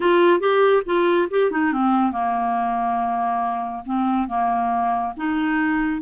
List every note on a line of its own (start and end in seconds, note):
0.00 0.40 F4
0.40 0.82 G4
0.85 1.28 F4
1.30 1.51 G4
1.51 1.72 D#4
1.72 2.12 C4
2.12 3.83 A#3
3.85 4.28 C4
4.28 5.13 A#3
5.16 6.01 D#4